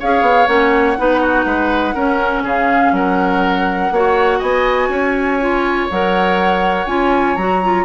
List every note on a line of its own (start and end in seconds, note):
0.00 0.22 C#4
0.00 0.47 G#4
0.00 0.98 C#5
0.00 0.47 F5
0.22 0.46 B3
0.47 0.97 A#3
0.47 0.96 C#4
0.47 2.44 F#5
0.98 1.45 B3
0.98 1.96 D#4
0.98 1.21 B4
1.21 1.45 F#4
1.45 1.94 G#3
1.45 1.95 B4
1.95 2.43 C#4
1.95 3.92 C#4
1.95 2.43 A#4
2.43 2.92 C#3
2.43 2.93 G#4
2.43 2.94 F5
2.92 3.90 F#3
2.92 3.93 A#4
2.92 4.40 F#5
3.91 4.40 A#3
3.91 5.41 F#4
3.91 4.39 C#5
4.39 4.89 B3
4.39 4.88 D#5
4.39 5.88 G#5
4.89 5.87 C#4
4.89 7.85 C#5
5.41 5.90 F4
5.90 6.86 F#3
5.90 6.88 A#4
5.90 6.87 F#5
6.86 7.36 C#4
6.86 7.37 F4
6.86 7.36 G#5
7.36 7.85 F#3
7.36 7.63 F#4
7.36 7.85 A#5
7.63 7.85 F4